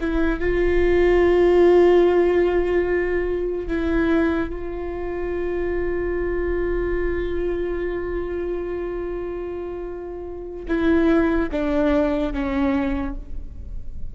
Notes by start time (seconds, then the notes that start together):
0.00 E4
0.39 F4
3.68 E4
4.49 F4
10.67 E4
11.51 D4
12.33 C#4